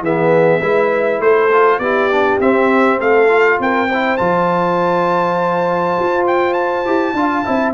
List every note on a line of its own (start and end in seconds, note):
0.00 0.59 E3
0.00 0.61 B3
0.00 0.61 G#4
0.00 1.21 E5
0.61 1.19 G#3
0.61 1.50 E4
0.61 1.20 B4
1.19 1.79 A3
1.19 1.81 A4
1.19 1.79 C5
1.52 1.82 F4
1.79 2.38 B3
1.79 2.11 E4
1.79 2.99 G4
1.79 2.38 D5
2.11 2.39 D4
2.39 3.28 C4
2.39 3.00 C4
2.39 3.00 E5
2.99 3.59 A3
2.99 3.58 A4
2.99 3.60 F5
3.28 3.88 F4
3.59 4.18 C4
3.59 3.89 A#4
3.59 4.17 G5
3.89 4.18 E4
3.89 7.16 C5
4.17 5.98 F3
4.17 6.85 F4
4.17 6.25 A5
5.99 6.86 F4
6.27 6.53 G5
6.53 7.72 A5
6.85 7.13 E4
6.85 7.15 G4
7.13 7.43 D4
7.13 7.45 F4
7.20 7.45 F5
7.45 7.74 C4
7.45 7.74 E4
7.45 7.74 E5